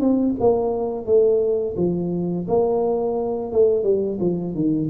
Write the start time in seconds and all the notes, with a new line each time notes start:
0.00 C4
0.40 A#3
1.05 A3
1.76 F3
2.48 A#3
3.52 A3
3.83 G3
4.20 F3
4.54 D#3